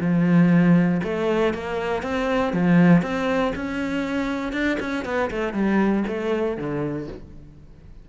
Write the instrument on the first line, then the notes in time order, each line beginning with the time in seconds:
cello
0.00 F3
1.03 A3
1.54 A#3
2.02 C4
2.53 F3
3.02 C4
3.55 C#4
4.52 D4
4.80 C#4
5.05 B3
5.30 A3
5.53 G3
6.07 A3
6.57 D3